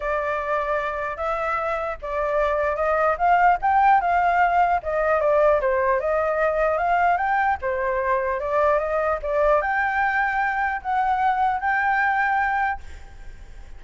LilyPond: \new Staff \with { instrumentName = "flute" } { \time 4/4 \tempo 4 = 150 d''2. e''4~ | e''4 d''2 dis''4 | f''4 g''4 f''2 | dis''4 d''4 c''4 dis''4~ |
dis''4 f''4 g''4 c''4~ | c''4 d''4 dis''4 d''4 | g''2. fis''4~ | fis''4 g''2. | }